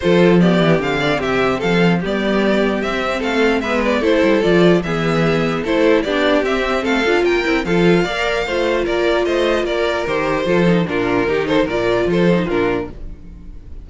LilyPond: <<
  \new Staff \with { instrumentName = "violin" } { \time 4/4 \tempo 4 = 149 c''4 d''4 f''4 e''4 | f''4 d''2 e''4 | f''4 e''8 d''8 c''4 d''4 | e''2 c''4 d''4 |
e''4 f''4 g''4 f''4~ | f''2 d''4 dis''4 | d''4 c''2 ais'4~ | ais'8 c''8 d''4 c''4 ais'4 | }
  \new Staff \with { instrumentName = "violin" } { \time 4/4 a'4 g'4. d''8 g'4 | a'4 g'2. | a'4 b'4 a'2 | gis'2 a'4 g'4~ |
g'4 a'4 ais'4 a'4 | d''4 c''4 ais'4 c''4 | ais'2 a'4 f'4 | g'8 a'8 ais'4 a'4 f'4 | }
  \new Staff \with { instrumentName = "viola" } { \time 4/4 f'4 b4 c'2~ | c'4 b2 c'4~ | c'4 b4 e'4 f'4 | b2 e'4 d'4 |
c'4. f'4 e'8 f'4 | ais'4 f'2.~ | f'4 g'4 f'8 dis'8 d'4 | dis'4 f'4. dis'8 d'4 | }
  \new Staff \with { instrumentName = "cello" } { \time 4/4 f4. e8 d4 c4 | f4 g2 c'4 | a4 gis4 a8 g8 f4 | e2 a4 b4 |
c'4 a8 d'8 ais8 c'8 f4 | ais4 a4 ais4 a4 | ais4 dis4 f4 ais,4 | dis4 ais,4 f4 ais,4 | }
>>